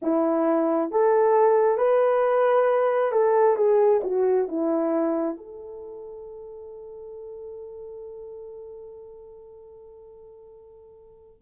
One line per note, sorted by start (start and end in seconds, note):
0.02 0.91 E4
0.91 1.77 A4
1.77 3.11 B4
3.11 3.56 A4
3.56 4.01 G#4
4.03 4.48 F#4
4.48 5.37 E4
5.37 11.41 A4